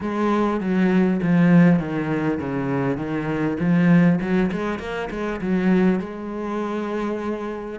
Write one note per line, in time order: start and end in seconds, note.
0.00 0.60 G#3
0.60 1.20 F#3
1.22 1.79 F3
1.79 2.39 D#3
2.39 2.97 C#3
2.97 3.57 D#3
3.59 4.19 F3
4.20 4.50 F#3
4.51 4.79 G#3
4.79 5.09 A#3
5.10 5.40 G#3
5.41 5.99 F#3
5.99 7.79 G#3